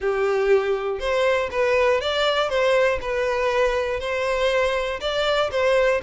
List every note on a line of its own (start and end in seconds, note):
0.00 0.99 G4
0.99 1.49 C5
1.51 2.00 B4
2.00 2.49 D5
2.49 2.99 C5
3.01 4.00 B4
4.00 5.00 C5
5.00 5.50 D5
5.51 6.01 C5